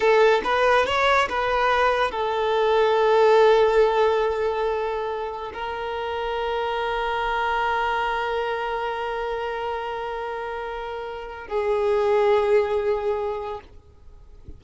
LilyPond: \new Staff \with { instrumentName = "violin" } { \time 4/4 \tempo 4 = 141 a'4 b'4 cis''4 b'4~ | b'4 a'2.~ | a'1~ | a'4 ais'2.~ |
ais'1~ | ais'1~ | ais'2. gis'4~ | gis'1 | }